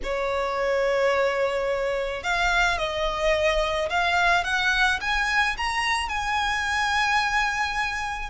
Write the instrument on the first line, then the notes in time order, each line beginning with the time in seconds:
violin
0.03 C#5
2.23 F5
2.78 D#5
3.89 F5
4.44 F#5
5.01 G#5
5.57 A#5
6.08 G#5